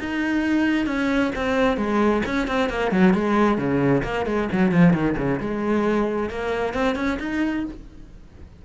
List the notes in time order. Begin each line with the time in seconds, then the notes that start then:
0.00 D#4
0.87 C#4
1.36 C4
1.77 G#3
2.26 C#4
2.48 C4
2.70 A#3
2.92 F#3
3.14 G#3
3.58 C#3
4.04 A#3
4.26 G#3
4.52 F#3
4.71 F3
4.94 D#3
5.18 C#3
5.40 G#3
6.30 A#3
6.74 C4
6.96 C#4
7.20 D#4